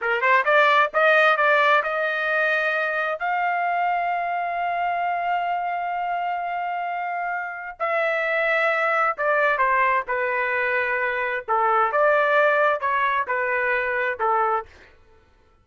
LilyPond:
\new Staff \with { instrumentName = "trumpet" } { \time 4/4 \tempo 4 = 131 ais'8 c''8 d''4 dis''4 d''4 | dis''2. f''4~ | f''1~ | f''1~ |
f''4 e''2. | d''4 c''4 b'2~ | b'4 a'4 d''2 | cis''4 b'2 a'4 | }